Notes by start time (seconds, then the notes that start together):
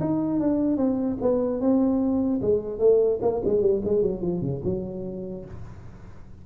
0.00 D#4
0.39 D4
0.77 C4
1.21 B3
1.60 C4
2.41 G#3
2.79 A3
3.21 A#3
3.44 G#3
3.61 G3
3.84 G#3
4.02 F#3
4.21 F3
4.41 C#3
4.64 F#3